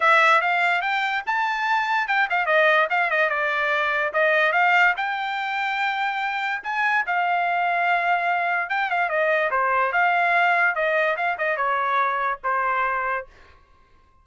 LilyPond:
\new Staff \with { instrumentName = "trumpet" } { \time 4/4 \tempo 4 = 145 e''4 f''4 g''4 a''4~ | a''4 g''8 f''8 dis''4 f''8 dis''8 | d''2 dis''4 f''4 | g''1 |
gis''4 f''2.~ | f''4 g''8 f''8 dis''4 c''4 | f''2 dis''4 f''8 dis''8 | cis''2 c''2 | }